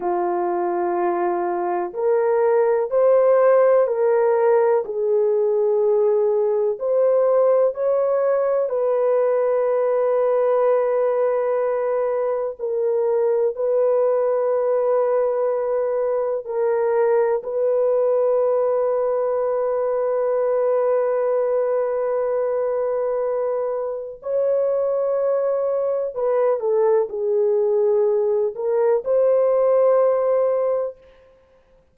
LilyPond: \new Staff \with { instrumentName = "horn" } { \time 4/4 \tempo 4 = 62 f'2 ais'4 c''4 | ais'4 gis'2 c''4 | cis''4 b'2.~ | b'4 ais'4 b'2~ |
b'4 ais'4 b'2~ | b'1~ | b'4 cis''2 b'8 a'8 | gis'4. ais'8 c''2 | }